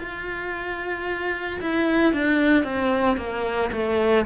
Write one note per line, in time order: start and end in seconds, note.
0.00 1.61 F4
1.61 2.13 E4
2.13 2.64 D4
2.64 3.17 C4
3.17 3.71 A#3
3.73 4.26 A3